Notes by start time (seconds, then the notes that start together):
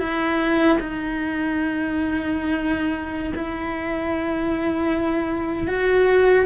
0.00 E4
0.80 D#4
3.35 E4
5.68 F#4